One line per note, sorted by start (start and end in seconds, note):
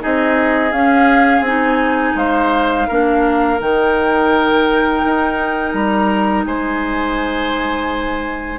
0.00 0.72 C4
0.00 0.71 D#4
0.00 2.17 G#4
0.00 0.73 D#5
0.72 1.41 C#4
0.72 1.46 C#4
0.72 1.44 F5
1.41 2.12 C4
1.41 2.89 D#4
1.41 2.18 G#5
2.15 2.87 G#3
2.15 2.88 C5
2.15 3.60 F5
2.88 3.61 A#3
2.88 3.59 D4
2.88 6.45 A#4
3.59 5.03 D#3
3.59 8.59 D#4
3.59 5.73 G5
5.05 5.74 D#4
5.73 6.45 G3
5.73 6.45 A#5
6.45 8.59 G#3
6.45 8.59 C5
6.45 8.59 G#5